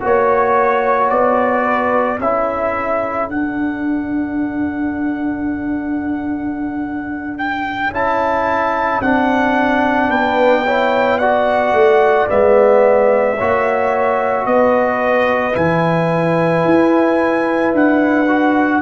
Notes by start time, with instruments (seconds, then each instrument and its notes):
0.00 tuba A#3, trombone F#4, horn C#5, trumpet C#5
1.09 tuba B3, trumpet D5
1.64 horn B4
2.17 tuba C#4, trombone E4, horn A4, trumpet E5
3.28 tuba D4, trombone D4, trumpet F#5
7.38 trumpet G5
7.91 tuba C#4, trombone E4, trumpet A5
9.01 tuba C4, trombone D4, trumpet F#5
10.09 tuba B3, horn B4, trumpet G5
10.65 trombone E4, horn C#5
11.18 trombone F#4, horn D5, trumpet F#5
11.72 tuba A3
12.28 tuba G#3, trombone B3, trumpet E5
13.37 tuba A#3, trombone F#4, horn C#5
14.45 tuba B3, horn B4, trumpet D#5
15.52 tuba E3, trombone E4, trumpet G#5
16.64 tuba E4
17.73 tuba D4, trumpet F#5
18.28 trombone F#4